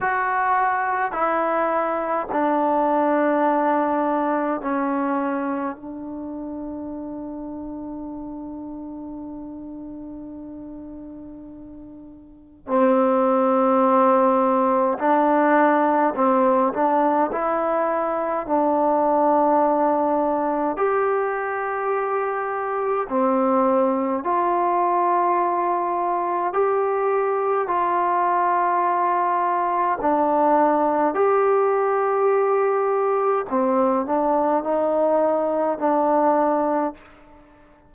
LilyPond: \new Staff \with { instrumentName = "trombone" } { \time 4/4 \tempo 4 = 52 fis'4 e'4 d'2 | cis'4 d'2.~ | d'2. c'4~ | c'4 d'4 c'8 d'8 e'4 |
d'2 g'2 | c'4 f'2 g'4 | f'2 d'4 g'4~ | g'4 c'8 d'8 dis'4 d'4 | }